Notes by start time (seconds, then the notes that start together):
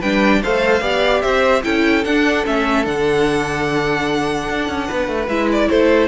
0.00 G3 D4 B4 G5
0.43 A3 A4 C5 F5
0.81 B3 G4 D5
1.22 C4 C5 E5
1.64 C#4 E4 A4 G5
2.05 D4 F#5
2.46 A3 C#4 E5
2.85 D3 D4 F#5
4.50 D4
4.69 C#4
4.88 B3 B4
5.08 A3
5.28 G#3 E4 E5
5.52 D5
5.70 A3 A4 C5